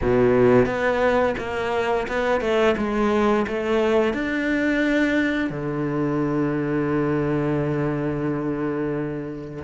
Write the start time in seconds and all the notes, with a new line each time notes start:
0.01 B2
0.66 B3
1.38 A#3
2.08 B3
2.40 A3
2.77 G#3
3.47 A3
4.13 D4
5.50 D3